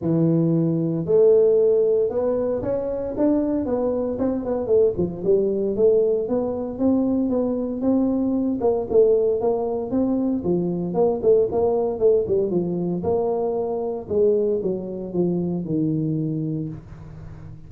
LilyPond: \new Staff \with { instrumentName = "tuba" } { \time 4/4 \tempo 4 = 115 e2 a2 | b4 cis'4 d'4 b4 | c'8 b8 a8 f8 g4 a4 | b4 c'4 b4 c'4~ |
c'8 ais8 a4 ais4 c'4 | f4 ais8 a8 ais4 a8 g8 | f4 ais2 gis4 | fis4 f4 dis2 | }